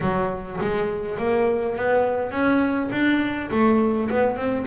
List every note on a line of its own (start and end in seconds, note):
0.01 0.59 F#3
0.61 1.18 G#3
1.18 1.76 A#3
1.76 2.31 B3
2.31 2.89 C#4
2.91 3.49 D4
3.50 4.09 A3
4.09 4.36 B3
4.36 4.65 C4